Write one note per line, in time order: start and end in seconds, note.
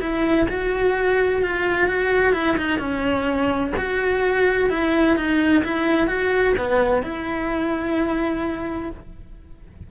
0.00 0.47 E4
0.49 1.42 F#4
1.42 1.87 F4
1.87 2.33 F#4
2.33 2.56 E4
2.57 2.78 D#4
2.78 3.72 C#4
3.77 4.69 F#4
4.69 5.16 E4
5.16 5.63 D#4
5.63 6.07 E4
6.07 6.54 F#4
6.57 7.02 B3
7.02 8.90 E4